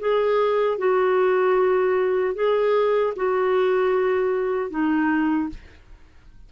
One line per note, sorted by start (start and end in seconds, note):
0.00 0.78 G#4
0.78 2.35 F#4
2.35 3.14 G#4
3.16 4.70 F#4
4.70 5.49 D#4